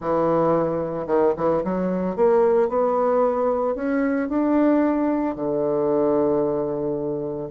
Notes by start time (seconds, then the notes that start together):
0.00 E3
1.06 D#3
1.36 E3
1.63 F#3
2.16 A#3
2.68 B3
3.75 C#4
4.29 D4
5.35 D3